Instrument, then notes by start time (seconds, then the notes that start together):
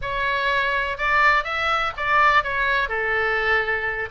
oboe
0.01 C#5
0.97 D5
1.44 E5
1.96 D5
2.43 C#5
2.88 A4